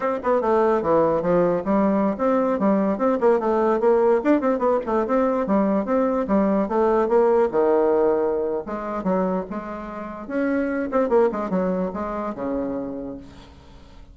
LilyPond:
\new Staff \with { instrumentName = "bassoon" } { \time 4/4 \tempo 4 = 146 c'8 b8 a4 e4 f4 | g4~ g16 c'4 g4 c'8 ais16~ | ais16 a4 ais4 d'8 c'8 b8 a16~ | a16 c'4 g4 c'4 g8.~ |
g16 a4 ais4 dis4.~ dis16~ | dis4 gis4 fis4 gis4~ | gis4 cis'4. c'8 ais8 gis8 | fis4 gis4 cis2 | }